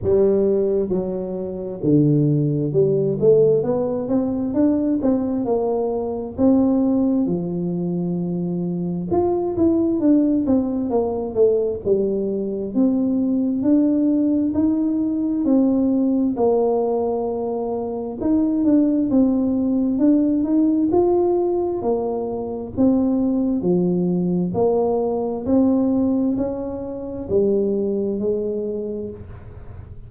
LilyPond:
\new Staff \with { instrumentName = "tuba" } { \time 4/4 \tempo 4 = 66 g4 fis4 d4 g8 a8 | b8 c'8 d'8 c'8 ais4 c'4 | f2 f'8 e'8 d'8 c'8 | ais8 a8 g4 c'4 d'4 |
dis'4 c'4 ais2 | dis'8 d'8 c'4 d'8 dis'8 f'4 | ais4 c'4 f4 ais4 | c'4 cis'4 g4 gis4 | }